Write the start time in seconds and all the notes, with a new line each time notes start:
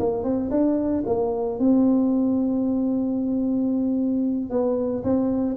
0.00 A#3
0.24 C4
0.51 D4
1.06 A#3
1.60 C4
4.50 B3
5.04 C4